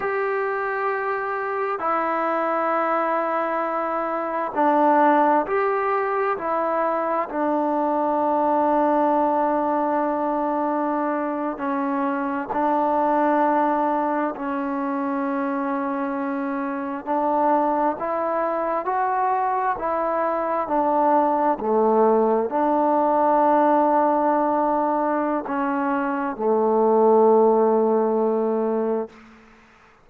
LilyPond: \new Staff \with { instrumentName = "trombone" } { \time 4/4 \tempo 4 = 66 g'2 e'2~ | e'4 d'4 g'4 e'4 | d'1~ | d'8. cis'4 d'2 cis'16~ |
cis'2~ cis'8. d'4 e'16~ | e'8. fis'4 e'4 d'4 a16~ | a8. d'2.~ d'16 | cis'4 a2. | }